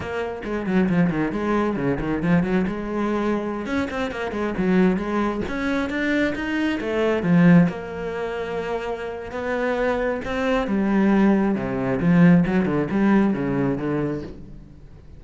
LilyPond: \new Staff \with { instrumentName = "cello" } { \time 4/4 \tempo 4 = 135 ais4 gis8 fis8 f8 dis8 gis4 | cis8 dis8 f8 fis8 gis2~ | gis16 cis'8 c'8 ais8 gis8 fis4 gis8.~ | gis16 cis'4 d'4 dis'4 a8.~ |
a16 f4 ais2~ ais8.~ | ais4 b2 c'4 | g2 c4 f4 | fis8 d8 g4 cis4 d4 | }